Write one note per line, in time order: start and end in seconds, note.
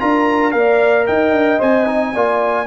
0.00 0.54 D4
0.00 0.52 F4
0.00 0.55 A#4
0.00 0.52 A#5
0.52 1.08 A#3
0.52 1.59 A#4
0.52 1.07 D5
0.52 1.06 F5
1.07 1.31 D#4
1.07 2.15 D#5
1.07 1.61 G5
1.31 1.58 D4
1.59 2.15 C4
1.59 1.86 C5
1.59 2.67 G#5
1.86 2.14 D#4
2.15 2.67 A#3
2.15 2.67 F4
2.15 2.67 D5